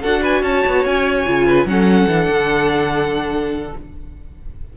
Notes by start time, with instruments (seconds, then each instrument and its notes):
0.00 cello D4, viola F#4, violin A4 F#5
0.22 violin B4 G#5
0.43 cello C#4, violin C#5 A5
0.66 cello B3
0.85 cello C#4, violin G#5
1.26 cello C#3, viola F4
1.46 violin B4
1.65 cello F#3, viola C#4, violin A4 F#5
2.07 cello E3, viola D4
2.29 cello D3